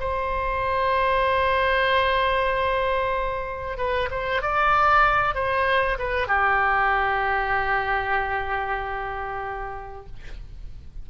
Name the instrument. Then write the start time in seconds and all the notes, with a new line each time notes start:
oboe
0.00 C5
3.78 B4
4.11 C5
4.42 D5
5.35 C5
5.99 B4
6.28 G4